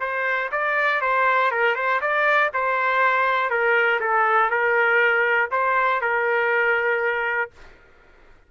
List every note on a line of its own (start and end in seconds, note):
0.00 0.50 C5
0.52 1.01 D5
1.01 1.51 C5
1.51 1.75 A#4
1.75 2.00 C5
2.01 2.51 D5
2.53 3.50 C5
3.50 4.00 A#4
4.00 4.50 A4
4.50 5.50 A#4
5.51 6.01 C5
6.01 7.51 A#4